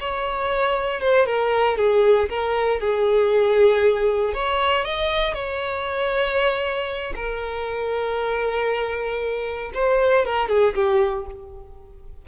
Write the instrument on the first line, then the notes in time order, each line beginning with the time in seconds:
violin
0.00 C#5
1.01 C5
1.27 A#4
1.78 G#4
2.30 A#4
2.81 G#4
4.34 C#5
4.85 D#5
5.34 C#5
7.16 A#4
9.75 C5
10.26 A#4
10.49 G#4
10.75 G4